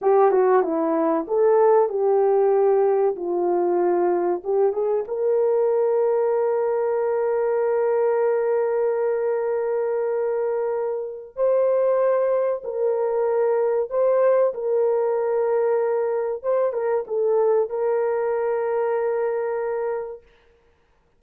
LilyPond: \new Staff \with { instrumentName = "horn" } { \time 4/4 \tempo 4 = 95 g'8 fis'8 e'4 a'4 g'4~ | g'4 f'2 g'8 gis'8 | ais'1~ | ais'1~ |
ais'2 c''2 | ais'2 c''4 ais'4~ | ais'2 c''8 ais'8 a'4 | ais'1 | }